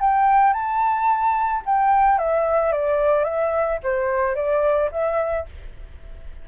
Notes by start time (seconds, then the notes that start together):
0.00 G5
0.53 A5
1.65 G5
2.18 E5
2.72 D5
3.24 E5
3.83 C5
4.35 D5
4.91 E5